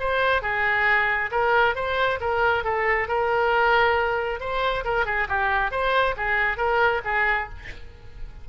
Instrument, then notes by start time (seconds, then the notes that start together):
oboe
0.00 C5
0.42 G#4
1.31 A#4
1.75 C5
2.21 A#4
2.64 A4
3.08 A#4
4.40 C5
4.85 A#4
5.06 G#4
5.29 G4
5.71 C5
6.17 G#4
6.58 A#4
7.05 G#4